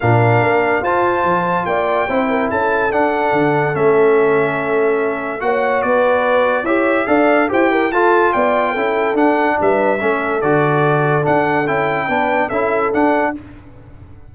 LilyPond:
<<
  \new Staff \with { instrumentName = "trumpet" } { \time 4/4 \tempo 4 = 144 f''2 a''2 | g''2 a''4 fis''4~ | fis''4 e''2.~ | e''4 fis''4 d''2 |
e''4 f''4 g''4 a''4 | g''2 fis''4 e''4~ | e''4 d''2 fis''4 | g''2 e''4 fis''4 | }
  \new Staff \with { instrumentName = "horn" } { \time 4/4 ais'2 c''2 | d''4 c''8 ais'8 a'2~ | a'1~ | a'4 cis''4 b'2 |
cis''4 d''4 c''8 ais'8 a'4 | d''4 a'2 b'4 | a'1~ | a'4 b'4 a'2 | }
  \new Staff \with { instrumentName = "trombone" } { \time 4/4 d'2 f'2~ | f'4 e'2 d'4~ | d'4 cis'2.~ | cis'4 fis'2. |
g'4 a'4 g'4 f'4~ | f'4 e'4 d'2 | cis'4 fis'2 d'4 | e'4 d'4 e'4 d'4 | }
  \new Staff \with { instrumentName = "tuba" } { \time 4/4 ais,4 ais4 f'4 f4 | ais4 c'4 cis'4 d'4 | d4 a2.~ | a4 ais4 b2 |
e'4 d'4 e'4 f'4 | b4 cis'4 d'4 g4 | a4 d2 d'4 | cis'4 b4 cis'4 d'4 | }
>>